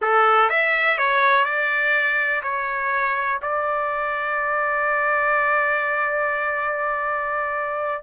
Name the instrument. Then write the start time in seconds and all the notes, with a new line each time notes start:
trumpet
0.01 A4
0.49 E5
0.98 C#5
1.44 D5
2.42 C#5
3.41 D5